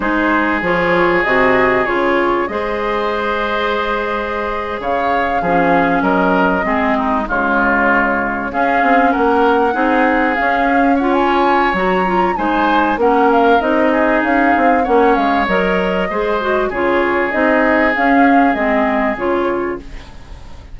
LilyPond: <<
  \new Staff \with { instrumentName = "flute" } { \time 4/4 \tempo 4 = 97 c''4 cis''4 dis''4 cis''4 | dis''2.~ dis''8. f''16~ | f''4.~ f''16 dis''2 cis''16~ | cis''4.~ cis''16 f''4 fis''4~ fis''16~ |
fis''8. f''4 fis''16 gis''4 ais''4 | gis''4 fis''8 f''8 dis''4 f''4 | fis''8 f''8 dis''2 cis''4 | dis''4 f''4 dis''4 cis''4 | }
  \new Staff \with { instrumentName = "oboe" } { \time 4/4 gis'1 | c''2.~ c''8. cis''16~ | cis''8. gis'4 ais'4 gis'8 dis'8 f'16~ | f'4.~ f'16 gis'4 ais'4 gis'16~ |
gis'4.~ gis'16 cis''2~ cis''16 | c''4 ais'4. gis'4. | cis''2 c''4 gis'4~ | gis'1 | }
  \new Staff \with { instrumentName = "clarinet" } { \time 4/4 dis'4 f'4 fis'4 f'4 | gis'1~ | gis'8. cis'2 c'4 gis16~ | gis4.~ gis16 cis'2 dis'16~ |
dis'8. cis'4 f'4~ f'16 fis'8 f'8 | dis'4 cis'4 dis'2 | cis'4 ais'4 gis'8 fis'8 f'4 | dis'4 cis'4 c'4 f'4 | }
  \new Staff \with { instrumentName = "bassoon" } { \time 4/4 gis4 f4 c4 cis4 | gis2.~ gis8. cis16~ | cis8. f4 fis4 gis4 cis16~ | cis4.~ cis16 cis'8 c'8 ais4 c'16~ |
c'8. cis'2~ cis'16 fis4 | gis4 ais4 c'4 cis'8 c'8 | ais8 gis8 fis4 gis4 cis4 | c'4 cis'4 gis4 cis4 | }
>>